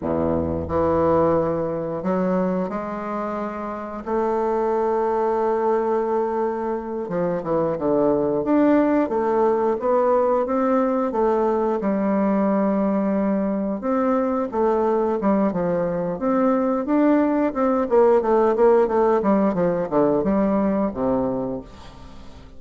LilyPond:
\new Staff \with { instrumentName = "bassoon" } { \time 4/4 \tempo 4 = 89 e,4 e2 fis4 | gis2 a2~ | a2~ a8 f8 e8 d8~ | d8 d'4 a4 b4 c'8~ |
c'8 a4 g2~ g8~ | g8 c'4 a4 g8 f4 | c'4 d'4 c'8 ais8 a8 ais8 | a8 g8 f8 d8 g4 c4 | }